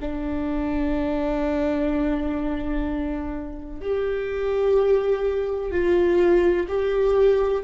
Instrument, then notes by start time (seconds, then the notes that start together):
viola
0.00 D4
3.81 G4
5.71 F4
6.68 G4